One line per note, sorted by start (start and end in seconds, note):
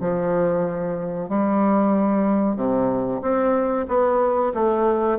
0.00 1.29 F3
1.29 2.56 G3
2.56 3.20 C3
3.21 3.86 C4
3.88 4.52 B3
4.54 5.18 A3